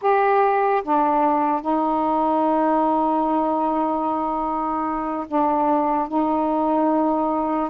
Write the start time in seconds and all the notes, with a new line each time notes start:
0.01 G4
0.83 D4
1.61 D#4
5.27 D4
6.08 D#4